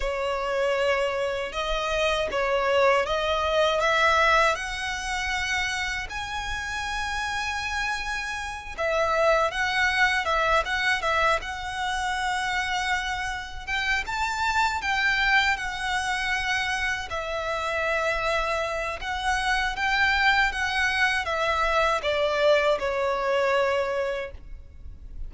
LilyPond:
\new Staff \with { instrumentName = "violin" } { \time 4/4 \tempo 4 = 79 cis''2 dis''4 cis''4 | dis''4 e''4 fis''2 | gis''2.~ gis''8 e''8~ | e''8 fis''4 e''8 fis''8 e''8 fis''4~ |
fis''2 g''8 a''4 g''8~ | g''8 fis''2 e''4.~ | e''4 fis''4 g''4 fis''4 | e''4 d''4 cis''2 | }